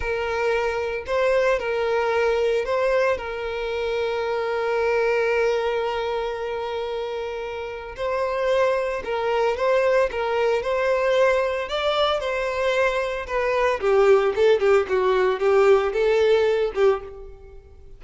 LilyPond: \new Staff \with { instrumentName = "violin" } { \time 4/4 \tempo 4 = 113 ais'2 c''4 ais'4~ | ais'4 c''4 ais'2~ | ais'1~ | ais'2. c''4~ |
c''4 ais'4 c''4 ais'4 | c''2 d''4 c''4~ | c''4 b'4 g'4 a'8 g'8 | fis'4 g'4 a'4. g'8 | }